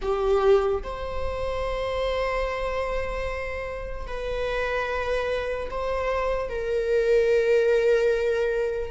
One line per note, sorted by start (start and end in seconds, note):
0.01 0.83 G4
0.83 4.07 C5
4.07 5.69 B4
5.70 6.49 C5
6.49 8.91 A#4